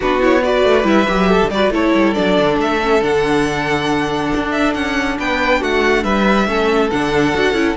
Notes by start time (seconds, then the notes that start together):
0.00 B3 D4 F#4 B4
0.20 E4 C#5
0.42 F#4 B4 D5
0.64 A3
0.83 G3 E4 E5
1.07 F#3 G4
1.28 A4
1.42 D3
1.48 G3 F#4 B4 D5
1.68 A3 E4 A4 C#5
1.94 G3
2.13 F#3 D4 D5
2.39 D3
2.58 A3 E5
2.81 C#4
3.01 D3 D4 F#5
4.35 D4
4.51 E5
4.74 C#4 F#5
5.18 B3 B4 G5
5.60 A3 F#4 F#5
6.03 G3 B4 E5
6.46 A3 C#4 A4
6.90 D3 D4 F#5
7.34 D4 F#4
7.52 C#4 E4